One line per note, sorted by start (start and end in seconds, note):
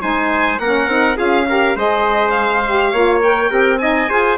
0.00 0.58 G#3
0.00 0.58 D#4
0.00 0.60 C5
0.00 0.58 G#5
0.58 0.87 A#3
0.58 0.90 C#4
0.58 1.17 A#4
0.58 1.17 F#5
0.87 1.16 C4
0.87 1.15 D#4
1.15 1.76 C#4
1.15 1.44 F4
1.15 1.46 G#4
1.15 1.77 F5
1.47 1.76 G4
1.47 1.76 A#4
1.76 2.92 G#3
1.76 2.63 G#4
1.76 2.91 C5
1.76 2.30 D#5
2.30 3.18 F5
2.66 2.94 G4
2.91 3.50 A#3
2.91 3.21 F4
2.91 3.50 C#5
3.21 3.48 A#4
3.21 3.78 G5
3.48 4.09 C4
3.48 3.77 G4
3.48 3.79 A#4
3.78 4.09 D#4
3.78 4.09 D#5
3.78 4.36 G#5
4.09 4.38 F4
4.09 4.38 G#4
4.09 4.38 C5